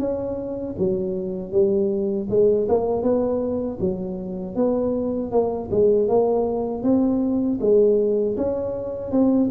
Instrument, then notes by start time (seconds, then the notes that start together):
tuba
0.00 C#4
0.79 F#3
1.52 G3
2.30 G#3
2.69 A#3
3.03 B3
3.81 F#3
4.56 B3
5.32 A#3
5.71 G#3
6.09 A#3
6.83 C4
7.61 G#3
8.38 C#4
9.12 C4